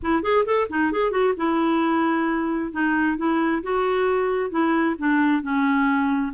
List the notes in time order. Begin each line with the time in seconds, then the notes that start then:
0.02 E4
0.22 G#4
0.45 A4
0.69 D#4
0.91 G#4
1.11 F#4
1.36 E4
2.71 D#4
3.17 E4
3.63 F#4
4.50 E4
4.98 D4
5.42 C#4